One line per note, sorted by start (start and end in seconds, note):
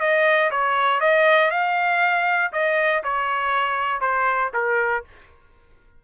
0.00 0.50 D#5
0.51 1.00 C#5
1.00 1.51 D#5
1.51 2.52 F5
2.52 3.03 D#5
3.03 4.01 C#5
4.01 4.51 C5
4.53 5.04 A#4